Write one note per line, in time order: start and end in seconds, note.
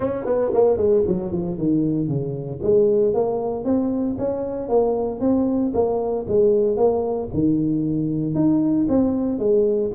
0.00 0.25 C#4
0.25 0.51 B3
0.53 0.77 A#3
0.77 1.03 G#3
1.07 1.32 F#3
1.32 1.57 F3
1.57 2.08 D#3
2.08 2.60 C#3
2.62 3.14 G#3
3.14 3.64 A#3
3.64 4.16 C4
4.18 4.68 C#4
4.68 5.20 A#3
5.20 5.72 C4
5.73 6.26 A#3
6.28 6.76 G#3
6.76 7.29 A#3
7.33 8.34 D#3
8.34 8.86 D#4
8.88 9.38 C4
9.38 9.91 G#3